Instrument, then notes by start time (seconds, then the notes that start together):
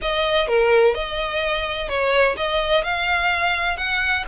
violin
0.01 D#5
0.47 A#4
0.94 D#5
1.88 C#5
2.36 D#5
2.83 F5
3.77 F#5